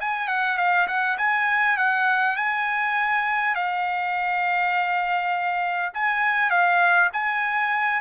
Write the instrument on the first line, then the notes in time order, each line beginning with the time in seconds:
trumpet
0.00 G#5
0.28 F#5
0.58 F5
0.87 F#5
1.18 G#5
1.77 F#5
2.36 G#5
3.55 F5
5.94 G#5
6.50 F5
7.13 G#5